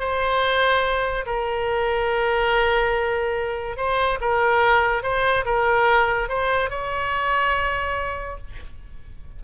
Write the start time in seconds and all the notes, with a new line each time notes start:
0.00 C5
1.26 A#4
3.77 C5
4.21 A#4
5.03 C5
5.46 A#4
6.29 C5
6.70 C#5